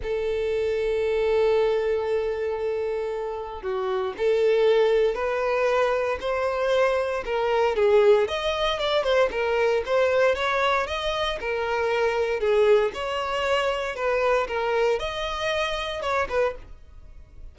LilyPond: \new Staff \with { instrumentName = "violin" } { \time 4/4 \tempo 4 = 116 a'1~ | a'2. fis'4 | a'2 b'2 | c''2 ais'4 gis'4 |
dis''4 d''8 c''8 ais'4 c''4 | cis''4 dis''4 ais'2 | gis'4 cis''2 b'4 | ais'4 dis''2 cis''8 b'8 | }